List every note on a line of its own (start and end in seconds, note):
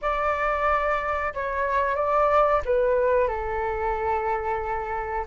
0.01 1.33 D5
1.34 1.95 C#5
1.95 2.61 D5
2.65 3.28 B4
3.28 5.25 A4